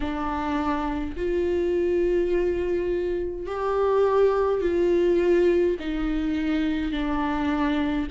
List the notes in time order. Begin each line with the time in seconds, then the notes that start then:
0.00 D4
1.16 F4
3.46 G4
4.61 F4
5.80 D#4
6.92 D4